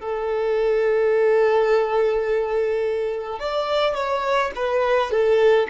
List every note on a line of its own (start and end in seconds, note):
0.00 3.40 A4
3.40 3.95 D5
3.95 4.51 C#5
4.56 5.11 B4
5.11 5.68 A4